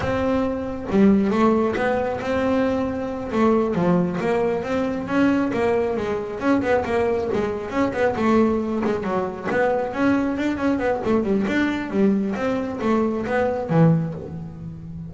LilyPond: \new Staff \with { instrumentName = "double bass" } { \time 4/4 \tempo 4 = 136 c'2 g4 a4 | b4 c'2~ c'8 a8~ | a8 f4 ais4 c'4 cis'8~ | cis'8 ais4 gis4 cis'8 b8 ais8~ |
ais8 gis4 cis'8 b8 a4. | gis8 fis4 b4 cis'4 d'8 | cis'8 b8 a8 g8 d'4 g4 | c'4 a4 b4 e4 | }